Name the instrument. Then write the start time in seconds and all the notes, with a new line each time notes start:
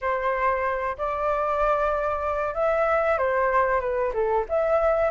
flute
0.01 C5
0.97 D5
2.54 E5
3.17 C5
3.80 B4
4.13 A4
4.48 E5